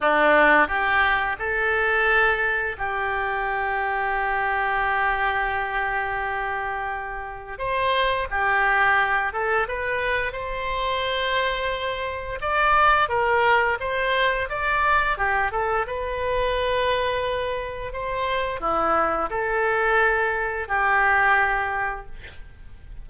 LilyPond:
\new Staff \with { instrumentName = "oboe" } { \time 4/4 \tempo 4 = 87 d'4 g'4 a'2 | g'1~ | g'2. c''4 | g'4. a'8 b'4 c''4~ |
c''2 d''4 ais'4 | c''4 d''4 g'8 a'8 b'4~ | b'2 c''4 e'4 | a'2 g'2 | }